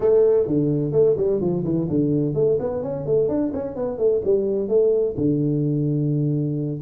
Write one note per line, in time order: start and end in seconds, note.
0.00 0.47 A3
0.47 0.92 D3
0.92 1.15 A3
1.17 1.40 G3
1.40 1.64 F3
1.64 1.87 E3
1.89 2.34 D3
2.34 2.57 A3
2.59 2.82 B3
2.82 3.06 C#4
3.06 3.28 A3
3.28 3.52 D4
3.53 3.75 C#4
3.75 3.98 B3
3.98 4.21 A3
4.24 4.68 G3
4.68 5.15 A3
5.17 6.81 D3